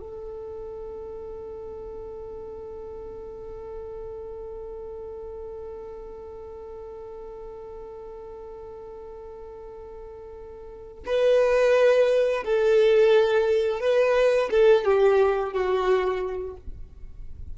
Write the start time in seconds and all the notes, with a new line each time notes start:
0.00 A4
11.06 B4
12.45 A4
13.81 B4
14.51 A4
14.85 G4
15.53 F#4